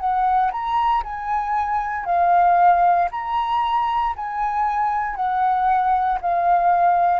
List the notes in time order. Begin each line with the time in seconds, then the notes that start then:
0.00 F#5
0.52 A#5
1.04 G#5
2.05 F5
3.11 A#5
4.16 G#5
5.16 F#5
6.22 F5